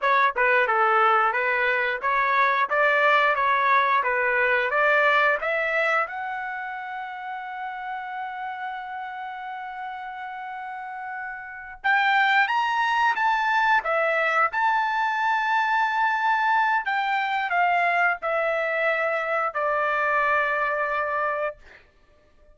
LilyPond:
\new Staff \with { instrumentName = "trumpet" } { \time 4/4 \tempo 4 = 89 cis''8 b'8 a'4 b'4 cis''4 | d''4 cis''4 b'4 d''4 | e''4 fis''2.~ | fis''1~ |
fis''4. g''4 ais''4 a''8~ | a''8 e''4 a''2~ a''8~ | a''4 g''4 f''4 e''4~ | e''4 d''2. | }